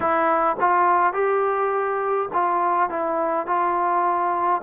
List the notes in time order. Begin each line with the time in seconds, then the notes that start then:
0.00 E4
0.60 F4
1.13 G4
2.33 F4
2.89 E4
3.46 F4